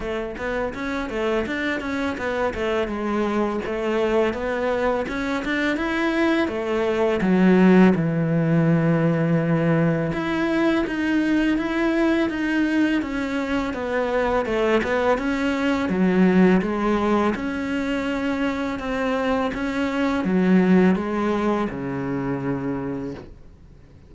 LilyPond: \new Staff \with { instrumentName = "cello" } { \time 4/4 \tempo 4 = 83 a8 b8 cis'8 a8 d'8 cis'8 b8 a8 | gis4 a4 b4 cis'8 d'8 | e'4 a4 fis4 e4~ | e2 e'4 dis'4 |
e'4 dis'4 cis'4 b4 | a8 b8 cis'4 fis4 gis4 | cis'2 c'4 cis'4 | fis4 gis4 cis2 | }